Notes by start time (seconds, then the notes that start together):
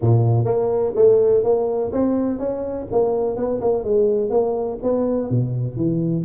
0.01 A#2
0.44 A#3
0.95 A3
1.43 A#3
1.92 C4
2.39 C#4
2.91 A#3
3.36 B3
3.61 A#3
3.84 G#3
4.30 A#3
4.82 B3
5.30 B2
5.76 E3